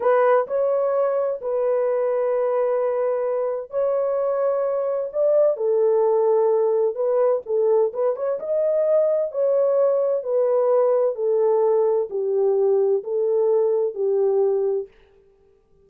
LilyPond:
\new Staff \with { instrumentName = "horn" } { \time 4/4 \tempo 4 = 129 b'4 cis''2 b'4~ | b'1 | cis''2. d''4 | a'2. b'4 |
a'4 b'8 cis''8 dis''2 | cis''2 b'2 | a'2 g'2 | a'2 g'2 | }